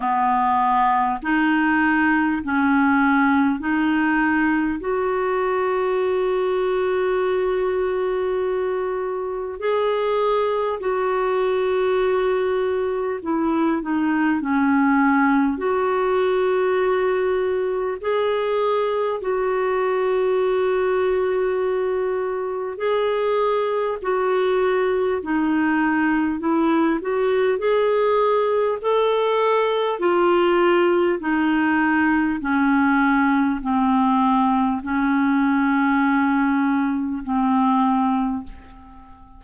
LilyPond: \new Staff \with { instrumentName = "clarinet" } { \time 4/4 \tempo 4 = 50 b4 dis'4 cis'4 dis'4 | fis'1 | gis'4 fis'2 e'8 dis'8 | cis'4 fis'2 gis'4 |
fis'2. gis'4 | fis'4 dis'4 e'8 fis'8 gis'4 | a'4 f'4 dis'4 cis'4 | c'4 cis'2 c'4 | }